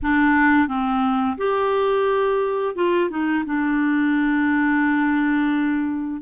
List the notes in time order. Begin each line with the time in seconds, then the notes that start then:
0.02 D4
0.67 C4
1.37 G4
2.75 F4
3.09 D#4
3.45 D4